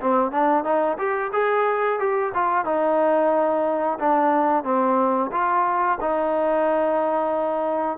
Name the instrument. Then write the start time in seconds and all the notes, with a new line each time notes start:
trombone
0.00 C4
0.31 D4
0.64 D#4
0.98 G4
1.32 G#4
1.99 G4
2.34 F4
2.65 D#4
3.99 D4
4.64 C4
5.32 F4
6.00 D#4